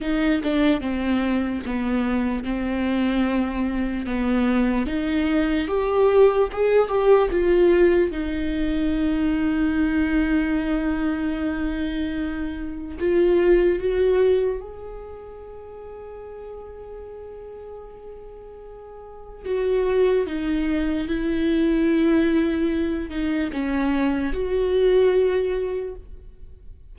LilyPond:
\new Staff \with { instrumentName = "viola" } { \time 4/4 \tempo 4 = 74 dis'8 d'8 c'4 b4 c'4~ | c'4 b4 dis'4 g'4 | gis'8 g'8 f'4 dis'2~ | dis'1 |
f'4 fis'4 gis'2~ | gis'1 | fis'4 dis'4 e'2~ | e'8 dis'8 cis'4 fis'2 | }